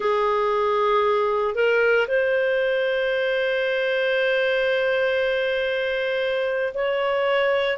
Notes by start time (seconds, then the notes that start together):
0.00 G#4
1.55 A#4
2.07 C5
6.74 C#5